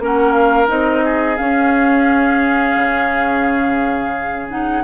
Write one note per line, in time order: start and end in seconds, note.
0.00 0.69 A#3
0.00 0.68 C#4
0.00 1.05 A#4
0.06 0.33 F#5
0.33 0.67 F5
0.68 1.39 C4
0.68 1.37 D#4
0.68 1.37 D#5
1.05 4.84 G#4
1.37 4.49 C#4
1.37 2.77 C#4
1.37 4.48 F5
2.77 4.84 C#3
4.50 4.84 D#4
4.50 4.84 F#5